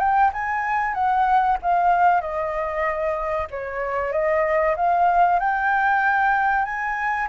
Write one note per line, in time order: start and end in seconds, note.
0.00 0.32 G5
0.33 0.95 G#5
0.95 1.58 F#5
1.62 2.21 F5
2.21 3.48 D#5
3.51 4.13 C#5
4.13 4.76 D#5
4.77 5.40 F5
5.40 6.65 G5
6.65 7.28 G#5